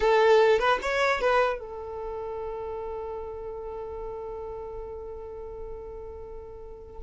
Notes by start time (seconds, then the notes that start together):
0.00 A4
0.59 B4
0.82 C#5
1.21 B4
1.59 A4